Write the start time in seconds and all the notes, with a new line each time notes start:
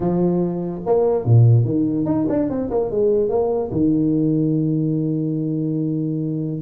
0.00 F3
0.86 A#3
1.24 A#2
1.65 D#3
2.05 D#4
2.29 D4
2.49 C4
2.70 A#3
2.90 G#3
3.29 A#3
3.71 D#3